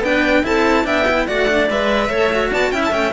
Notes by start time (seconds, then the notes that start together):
0.00 B3 D4 B4 G5
0.43 C4 E4 A4 A5
0.84 B3 D4 E5 G5
1.08 E4
1.27 A3 F#4 D5 F#5
1.48 D4
1.70 G#3 B4 E5
2.09 A3 A4 C#5
2.32 F#4
2.52 B3 D5 A5
2.71 C#4 E4 E5 G5
2.84 A5
2.91 A3 C#4 G5